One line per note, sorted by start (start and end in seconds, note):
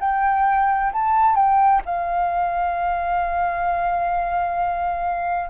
0.00 0.92 G5
0.93 1.35 A5
1.35 1.81 G5
1.85 5.50 F5